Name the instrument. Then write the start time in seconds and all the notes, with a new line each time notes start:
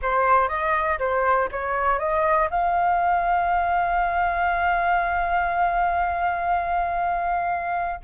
flute
0.02 C5
0.48 D#5
0.98 C5
1.51 C#5
1.98 D#5
2.50 F5